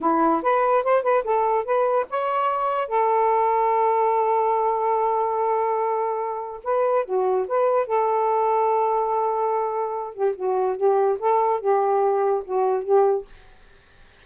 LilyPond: \new Staff \with { instrumentName = "saxophone" } { \time 4/4 \tempo 4 = 145 e'4 b'4 c''8 b'8 a'4 | b'4 cis''2 a'4~ | a'1~ | a'1 |
b'4 fis'4 b'4 a'4~ | a'1~ | a'8 g'8 fis'4 g'4 a'4 | g'2 fis'4 g'4 | }